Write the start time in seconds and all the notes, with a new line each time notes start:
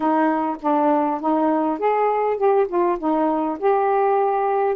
0.00 D#4
0.61 D4
1.20 D#4
1.78 G#4
2.37 G4
2.68 F4
2.99 D#4
3.59 G4